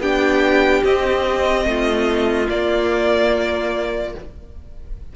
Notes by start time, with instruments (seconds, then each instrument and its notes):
0.00 cello B3, viola D4, violin G4 G5
0.84 cello C4, viola C4, violin D#5
1.65 cello A3, violin F4
2.48 viola A#3, cello A#3, violin D5